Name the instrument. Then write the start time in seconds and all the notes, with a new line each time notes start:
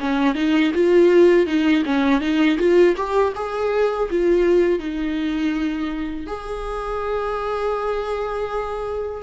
viola
0.00 C#4
0.35 D#4
0.74 F4
1.46 D#4
1.85 C#4
2.21 D#4
2.58 F4
2.96 G4
3.35 G#4
4.10 F4
4.79 D#4
6.27 G#4